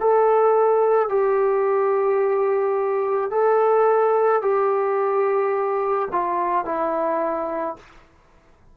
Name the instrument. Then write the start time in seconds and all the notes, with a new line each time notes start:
trombone
0.00 A4
1.09 G4
3.30 A4
4.41 G4
6.12 F4
6.65 E4